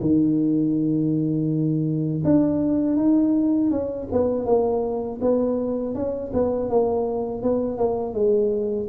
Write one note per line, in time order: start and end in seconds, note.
0.00 2.22 D#3
2.24 2.96 D4
2.96 3.70 D#4
3.70 4.07 C#4
4.12 4.45 B3
4.45 5.19 A#3
5.21 5.94 B3
5.94 6.31 C#4
6.33 6.69 B3
6.69 7.42 A#3
7.42 7.77 B3
7.77 8.13 A#3
8.13 8.88 G#3